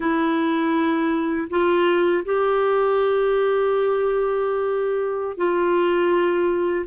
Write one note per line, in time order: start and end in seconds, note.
0.00 1.48 E4
1.50 2.24 F4
2.24 5.37 G4
5.37 6.85 F4